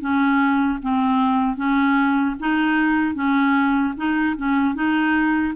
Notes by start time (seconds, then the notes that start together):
0.00 C#4
0.82 C4
1.56 C#4
2.39 D#4
3.15 C#4
3.97 D#4
4.36 C#4
4.74 D#4